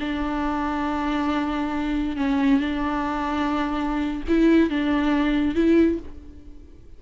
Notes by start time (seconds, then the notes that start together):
0.00 D4
2.17 C#4
2.60 D4
4.28 E4
4.70 D4
5.55 E4